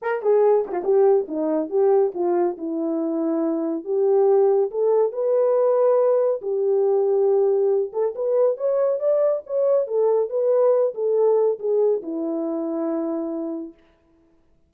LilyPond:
\new Staff \with { instrumentName = "horn" } { \time 4/4 \tempo 4 = 140 ais'8 gis'4 g'16 f'16 g'4 dis'4 | g'4 f'4 e'2~ | e'4 g'2 a'4 | b'2. g'4~ |
g'2~ g'8 a'8 b'4 | cis''4 d''4 cis''4 a'4 | b'4. a'4. gis'4 | e'1 | }